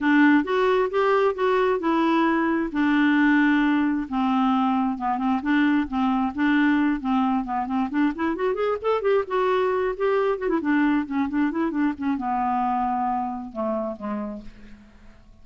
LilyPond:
\new Staff \with { instrumentName = "clarinet" } { \time 4/4 \tempo 4 = 133 d'4 fis'4 g'4 fis'4 | e'2 d'2~ | d'4 c'2 b8 c'8 | d'4 c'4 d'4. c'8~ |
c'8 b8 c'8 d'8 e'8 fis'8 gis'8 a'8 | g'8 fis'4. g'4 fis'16 e'16 d'8~ | d'8 cis'8 d'8 e'8 d'8 cis'8 b4~ | b2 a4 gis4 | }